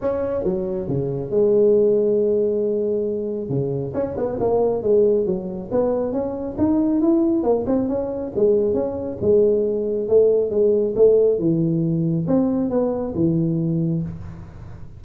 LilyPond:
\new Staff \with { instrumentName = "tuba" } { \time 4/4 \tempo 4 = 137 cis'4 fis4 cis4 gis4~ | gis1 | cis4 cis'8 b8 ais4 gis4 | fis4 b4 cis'4 dis'4 |
e'4 ais8 c'8 cis'4 gis4 | cis'4 gis2 a4 | gis4 a4 e2 | c'4 b4 e2 | }